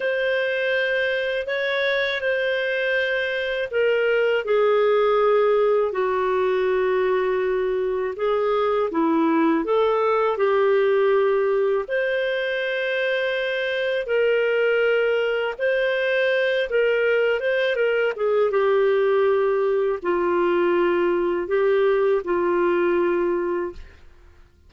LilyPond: \new Staff \with { instrumentName = "clarinet" } { \time 4/4 \tempo 4 = 81 c''2 cis''4 c''4~ | c''4 ais'4 gis'2 | fis'2. gis'4 | e'4 a'4 g'2 |
c''2. ais'4~ | ais'4 c''4. ais'4 c''8 | ais'8 gis'8 g'2 f'4~ | f'4 g'4 f'2 | }